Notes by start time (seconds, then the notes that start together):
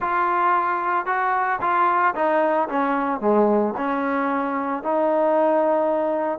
0.00 F4
1.06 F#4
1.61 F4
2.15 D#4
2.68 C#4
3.20 G#3
3.77 C#4
4.83 D#4